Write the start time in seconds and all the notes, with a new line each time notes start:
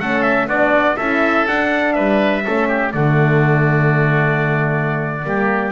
0.00 A3 C#4 A4 F#5
0.23 E5
0.47 B3 D4 F#4 D5
0.97 C#4 E4 A4 E5
1.48 D4 F#5
1.93 G3 B4 E5
2.44 A3 C#4 A4
2.68 G4
2.92 D3 A3 F#4 D5
5.24 G3 A#3 G4